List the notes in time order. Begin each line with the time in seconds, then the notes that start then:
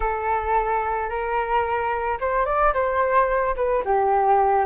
0.00 A4
1.09 A#4
2.20 C5
2.45 D5
2.73 C5
3.56 B4
3.84 G4